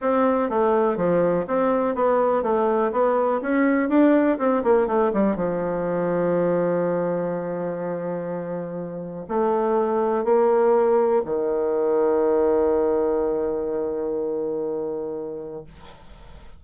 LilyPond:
\new Staff \with { instrumentName = "bassoon" } { \time 4/4 \tempo 4 = 123 c'4 a4 f4 c'4 | b4 a4 b4 cis'4 | d'4 c'8 ais8 a8 g8 f4~ | f1~ |
f2. a4~ | a4 ais2 dis4~ | dis1~ | dis1 | }